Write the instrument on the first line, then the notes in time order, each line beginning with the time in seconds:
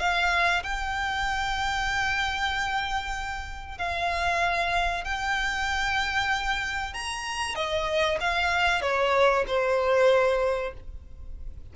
violin
0.00 F5
0.63 G5
3.78 F5
5.05 G5
6.94 A#5
7.56 D#5
8.21 F5
8.82 C#5
9.48 C5